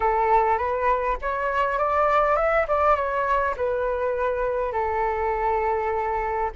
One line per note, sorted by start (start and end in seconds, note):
0.00 0.58 A4
0.58 1.17 B4
1.21 1.78 C#5
1.78 2.36 D5
2.36 2.65 E5
2.67 2.95 D5
2.95 3.55 C#5
3.56 4.72 B4
4.72 6.50 A4